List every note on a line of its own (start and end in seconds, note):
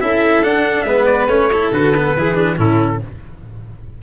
0.00 0.42 C#4
0.00 0.43 E4
0.00 0.86 A4
0.00 0.43 E5
0.42 0.84 D4
0.42 0.86 D4
0.42 0.82 F#5
0.82 1.27 G#3
0.82 1.29 B3
0.82 1.51 B4
0.82 1.04 E5
1.05 1.27 D5
1.27 1.70 A3
1.27 1.50 C#4
1.27 1.71 C#5
1.52 1.72 E4
1.52 2.17 A4
1.71 2.14 D3
1.71 1.94 F#4
1.71 2.59 B4
1.96 2.17 B3
2.16 2.58 E3
2.16 2.35 E4
2.16 2.58 G#4
2.35 2.56 D4
2.57 3.01 A2
2.57 3.00 C#4
2.57 3.01 E4
2.57 3.02 A4